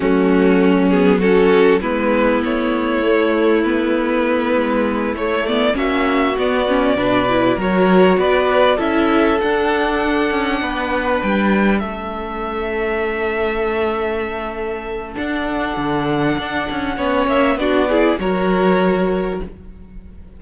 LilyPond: <<
  \new Staff \with { instrumentName = "violin" } { \time 4/4 \tempo 4 = 99 fis'4. gis'8 a'4 b'4 | cis''2 b'2~ | b'8 cis''8 d''8 e''4 d''4.~ | d''8 cis''4 d''4 e''4 fis''8~ |
fis''2~ fis''8 g''4 e''8~ | e''1~ | e''4 fis''2.~ | fis''8 e''8 d''4 cis''2 | }
  \new Staff \with { instrumentName = "violin" } { \time 4/4 cis'2 fis'4 e'4~ | e'1~ | e'4. fis'2 b'8~ | b'8 ais'4 b'4 a'4.~ |
a'4. b'2 a'8~ | a'1~ | a'1 | cis''4 fis'8 gis'8 ais'2 | }
  \new Staff \with { instrumentName = "viola" } { \time 4/4 a4. b8 cis'4 b4~ | b4 a4 b2~ | b8 a8 b8 cis'4 b8 cis'8 d'8 | e'8 fis'2 e'4 d'8~ |
d'2.~ d'8 cis'8~ | cis'1~ | cis'4 d'2. | cis'4 d'8 e'8 fis'2 | }
  \new Staff \with { instrumentName = "cello" } { \time 4/4 fis2. gis4 | a2.~ a8 gis8~ | gis8 a4 ais4 b4 b,8~ | b,8 fis4 b4 cis'4 d'8~ |
d'4 cis'8 b4 g4 a8~ | a1~ | a4 d'4 d4 d'8 cis'8 | b8 ais8 b4 fis2 | }
>>